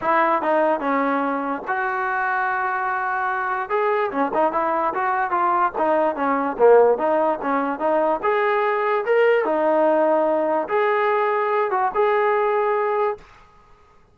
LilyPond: \new Staff \with { instrumentName = "trombone" } { \time 4/4 \tempo 4 = 146 e'4 dis'4 cis'2 | fis'1~ | fis'4 gis'4 cis'8 dis'8 e'4 | fis'4 f'4 dis'4 cis'4 |
ais4 dis'4 cis'4 dis'4 | gis'2 ais'4 dis'4~ | dis'2 gis'2~ | gis'8 fis'8 gis'2. | }